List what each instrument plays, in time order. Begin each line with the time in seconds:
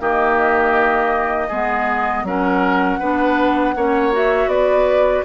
0.00 bassoon D#3, clarinet A#3, oboe G4, flute D#5
1.49 bassoon G#3, clarinet B3, oboe G#4
2.24 bassoon F#3, clarinet C#4, oboe A#4, flute F#5
3.00 bassoon B3, clarinet D4, oboe B4
3.76 bassoon A#3, clarinet C#4, oboe C#5
4.13 clarinet F#4, flute E5
4.47 bassoon B3, oboe B4, flute D5